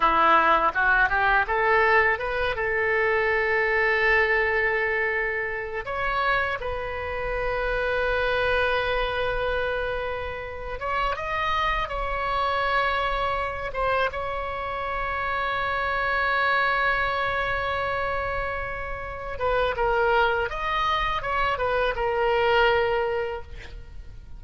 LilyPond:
\new Staff \with { instrumentName = "oboe" } { \time 4/4 \tempo 4 = 82 e'4 fis'8 g'8 a'4 b'8 a'8~ | a'1 | cis''4 b'2.~ | b'2~ b'8. cis''8 dis''8.~ |
dis''16 cis''2~ cis''8 c''8 cis''8.~ | cis''1~ | cis''2~ cis''8 b'8 ais'4 | dis''4 cis''8 b'8 ais'2 | }